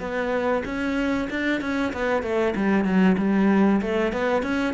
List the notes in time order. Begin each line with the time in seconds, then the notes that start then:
0.00 B3
0.65 C#4
1.30 D4
1.62 C#4
1.93 B3
2.23 A3
2.56 G3
2.85 F#3
3.18 G3
3.82 A3
4.13 B3
4.43 C#4